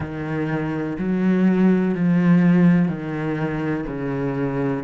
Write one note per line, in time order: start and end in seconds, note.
0.00 0.97 D#3
0.99 1.94 F#3
1.94 2.88 F3
2.88 3.85 D#3
3.87 4.83 C#3